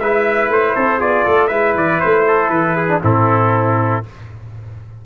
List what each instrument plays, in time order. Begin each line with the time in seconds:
0.00 tuba G#3, trombone E4, trumpet B4 E5
0.49 tuba A3, trumpet C5
0.76 tuba C4, trumpet A4
0.99 tuba B3, trombone F4, trumpet G#4 D5
1.25 tuba A3, trumpet A4
1.48 tuba G#3, trombone E4, trumpet B4 E5
1.75 tuba E3, trumpet D5
2.01 tuba A3, trumpet C5
2.28 trumpet A4
2.50 tuba E3, trumpet B4
2.76 trumpet G#4
2.89 trombone D4
3.03 tuba A2, trombone C4, trumpet E4 A4